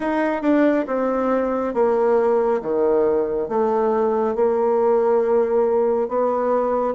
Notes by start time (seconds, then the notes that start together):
0.00 D#4
0.42 D4
0.87 C4
1.74 A#3
2.61 D#3
3.48 A3
4.35 A#3
6.08 B3